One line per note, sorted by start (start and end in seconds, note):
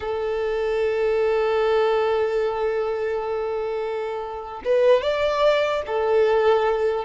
0.00 4.62 A4
4.64 5.01 B4
5.01 5.82 D5
5.86 7.04 A4